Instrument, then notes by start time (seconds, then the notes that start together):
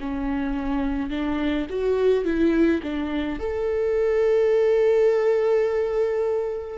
viola
0.00 C#4
1.10 D4
1.70 F#4
2.24 E4
2.83 D4
3.39 A4